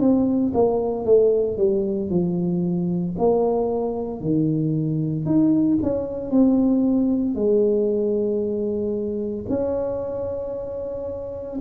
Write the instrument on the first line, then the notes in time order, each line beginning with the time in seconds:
tuba
0.00 C4
0.54 A#3
1.06 A3
1.58 G3
2.11 F3
3.19 A#3
4.21 D#3
5.26 D#4
5.83 C#4
6.31 C4
7.35 G#3
9.49 C#4